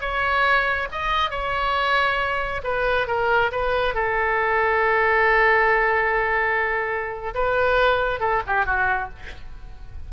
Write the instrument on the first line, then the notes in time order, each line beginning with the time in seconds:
oboe
0.00 C#5
0.91 D#5
1.30 C#5
2.63 B4
3.07 A#4
3.51 B4
3.94 A4
7.34 B4
8.20 A4
8.46 G4
8.65 F#4